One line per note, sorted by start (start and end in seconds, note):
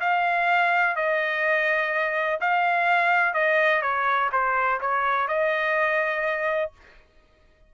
0.00 0.95 F5
0.95 2.39 D#5
2.40 3.34 F5
3.34 3.82 D#5
3.82 4.30 C#5
4.32 4.80 C5
4.80 5.28 C#5
5.28 6.72 D#5